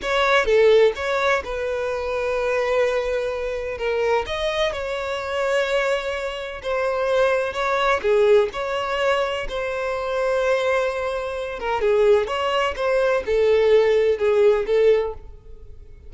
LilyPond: \new Staff \with { instrumentName = "violin" } { \time 4/4 \tempo 4 = 127 cis''4 a'4 cis''4 b'4~ | b'1 | ais'4 dis''4 cis''2~ | cis''2 c''2 |
cis''4 gis'4 cis''2 | c''1~ | c''8 ais'8 gis'4 cis''4 c''4 | a'2 gis'4 a'4 | }